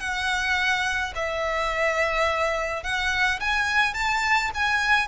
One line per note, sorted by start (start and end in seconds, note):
0.00 1.13 F#5
1.15 2.83 E5
2.83 3.39 F#5
3.40 3.94 G#5
3.94 4.51 A5
4.54 5.07 G#5